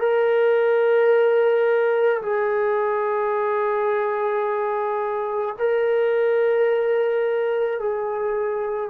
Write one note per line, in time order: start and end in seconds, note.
0.00 2.22 A#4
2.23 5.56 G#4
5.59 7.80 A#4
7.80 8.90 G#4